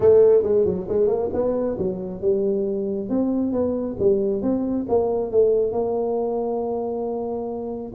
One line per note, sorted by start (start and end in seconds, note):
0.00 0.43 A3
0.43 0.65 G#3
0.65 0.87 F#3
0.88 1.07 G#3
1.07 1.29 A#3
1.33 1.77 B3
1.78 2.21 F#3
2.21 3.09 G3
3.09 3.52 C4
3.52 3.96 B3
3.99 4.41 G3
4.41 4.85 C4
4.89 5.31 A#3
5.31 5.72 A3
5.72 7.92 A#3